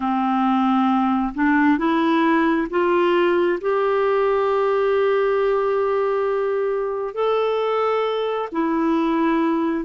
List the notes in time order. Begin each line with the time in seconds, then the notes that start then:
0.00 C4
1.34 D4
1.78 E4
2.69 F4
3.60 G4
7.14 A4
8.52 E4